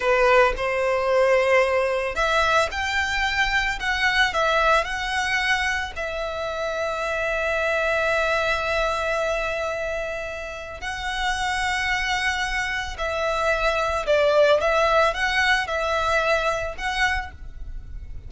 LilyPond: \new Staff \with { instrumentName = "violin" } { \time 4/4 \tempo 4 = 111 b'4 c''2. | e''4 g''2 fis''4 | e''4 fis''2 e''4~ | e''1~ |
e''1 | fis''1 | e''2 d''4 e''4 | fis''4 e''2 fis''4 | }